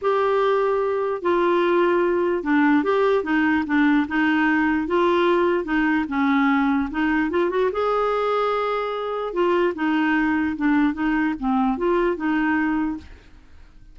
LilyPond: \new Staff \with { instrumentName = "clarinet" } { \time 4/4 \tempo 4 = 148 g'2. f'4~ | f'2 d'4 g'4 | dis'4 d'4 dis'2 | f'2 dis'4 cis'4~ |
cis'4 dis'4 f'8 fis'8 gis'4~ | gis'2. f'4 | dis'2 d'4 dis'4 | c'4 f'4 dis'2 | }